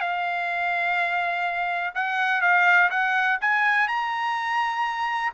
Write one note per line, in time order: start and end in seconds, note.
0.00 1.94 F5
1.94 2.41 F#5
2.41 2.89 F5
2.90 3.38 F#5
3.41 3.88 G#5
3.88 5.33 A#5